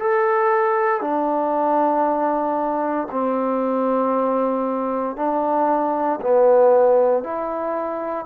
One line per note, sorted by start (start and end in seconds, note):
0.00 1.02 A4
1.02 3.08 D4
3.12 5.17 C4
5.17 6.20 D4
6.22 7.24 B3
7.24 8.27 E4